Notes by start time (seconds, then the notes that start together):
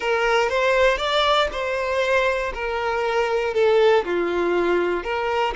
0.00 A#4
0.49 C5
0.97 D5
1.51 C5
2.53 A#4
3.54 A4
4.04 F4
5.03 A#4